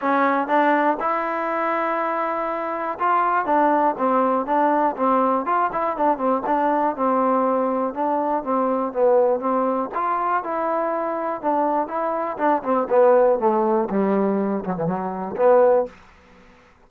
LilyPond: \new Staff \with { instrumentName = "trombone" } { \time 4/4 \tempo 4 = 121 cis'4 d'4 e'2~ | e'2 f'4 d'4 | c'4 d'4 c'4 f'8 e'8 | d'8 c'8 d'4 c'2 |
d'4 c'4 b4 c'4 | f'4 e'2 d'4 | e'4 d'8 c'8 b4 a4 | g4. fis16 e16 fis4 b4 | }